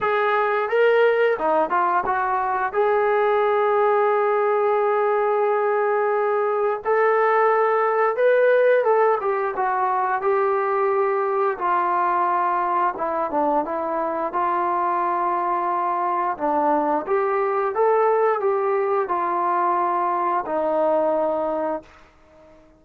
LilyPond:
\new Staff \with { instrumentName = "trombone" } { \time 4/4 \tempo 4 = 88 gis'4 ais'4 dis'8 f'8 fis'4 | gis'1~ | gis'2 a'2 | b'4 a'8 g'8 fis'4 g'4~ |
g'4 f'2 e'8 d'8 | e'4 f'2. | d'4 g'4 a'4 g'4 | f'2 dis'2 | }